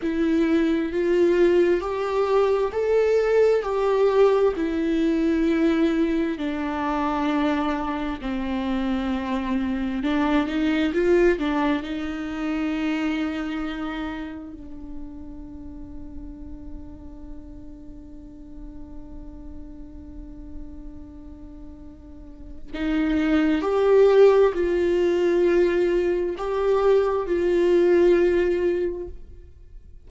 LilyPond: \new Staff \with { instrumentName = "viola" } { \time 4/4 \tempo 4 = 66 e'4 f'4 g'4 a'4 | g'4 e'2 d'4~ | d'4 c'2 d'8 dis'8 | f'8 d'8 dis'2. |
d'1~ | d'1~ | d'4 dis'4 g'4 f'4~ | f'4 g'4 f'2 | }